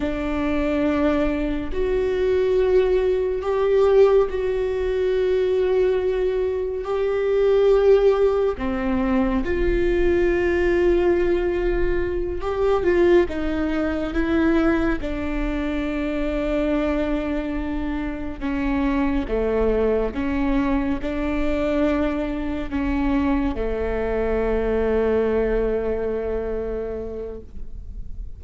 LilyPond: \new Staff \with { instrumentName = "viola" } { \time 4/4 \tempo 4 = 70 d'2 fis'2 | g'4 fis'2. | g'2 c'4 f'4~ | f'2~ f'8 g'8 f'8 dis'8~ |
dis'8 e'4 d'2~ d'8~ | d'4. cis'4 a4 cis'8~ | cis'8 d'2 cis'4 a8~ | a1 | }